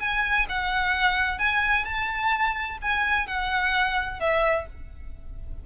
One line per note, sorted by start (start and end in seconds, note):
0.00 0.47 G#5
0.49 1.39 F#5
1.39 1.85 G#5
1.85 2.78 A5
2.82 3.27 G#5
3.27 4.20 F#5
4.20 4.67 E5